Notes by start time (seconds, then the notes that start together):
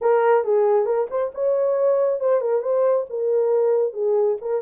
0.01 A#4
0.44 G#4
0.85 A#4
1.10 C5
1.34 C#5
2.20 C5
2.40 A#4
2.61 C5
3.09 A#4
3.93 G#4
4.41 A#4